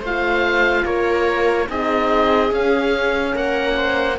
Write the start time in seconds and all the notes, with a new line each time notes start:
0.00 A3 F4 C5
0.06 F5
0.85 A#3 A#4 C#5
1.69 C4 D#4 G#4 D#5
2.50 C#4 F5
3.34 A#3 A#4 F#5
3.77 C5